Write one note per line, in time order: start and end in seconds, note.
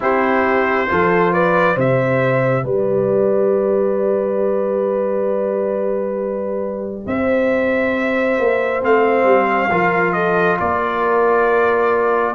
0.00 0.89 C4
0.00 0.87 E4
0.00 0.89 G4
0.00 1.33 C5
0.87 1.76 F3
0.87 1.75 F4
0.87 1.32 A4
1.32 1.74 B4
1.32 1.77 D5
1.74 2.64 C3
1.74 8.81 G4
1.74 2.62 C5
1.74 2.66 E5
2.63 7.05 G3
2.63 7.05 B4
2.63 7.07 D5
7.06 8.38 C4
7.06 9.70 C5
7.06 8.83 E5
8.38 8.82 A#3
8.81 9.24 A3
8.81 9.69 C4
8.81 10.12 F5
9.24 9.68 G3
9.70 10.58 F3
9.70 12.34 F4
9.70 10.14 A#4
10.12 10.58 A4
10.12 10.56 D#5
10.59 12.34 A#3
10.59 12.34 A#4
10.59 12.34 D5